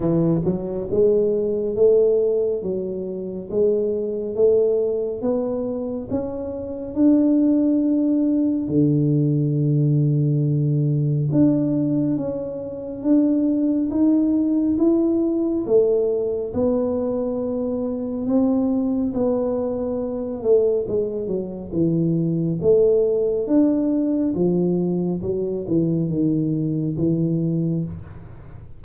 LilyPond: \new Staff \with { instrumentName = "tuba" } { \time 4/4 \tempo 4 = 69 e8 fis8 gis4 a4 fis4 | gis4 a4 b4 cis'4 | d'2 d2~ | d4 d'4 cis'4 d'4 |
dis'4 e'4 a4 b4~ | b4 c'4 b4. a8 | gis8 fis8 e4 a4 d'4 | f4 fis8 e8 dis4 e4 | }